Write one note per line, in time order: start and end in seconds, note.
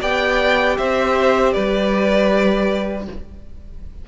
0.00 0.77 B3
0.00 3.05 G4
0.00 0.76 D5
0.00 0.77 G5
0.77 1.54 C4
0.77 1.53 C5
0.77 1.52 E5
1.52 3.07 G3
1.52 3.05 B4
1.52 3.04 D5